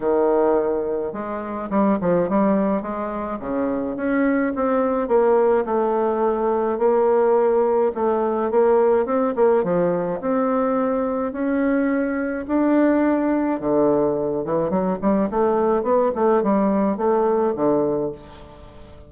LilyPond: \new Staff \with { instrumentName = "bassoon" } { \time 4/4 \tempo 4 = 106 dis2 gis4 g8 f8 | g4 gis4 cis4 cis'4 | c'4 ais4 a2 | ais2 a4 ais4 |
c'8 ais8 f4 c'2 | cis'2 d'2 | d4. e8 fis8 g8 a4 | b8 a8 g4 a4 d4 | }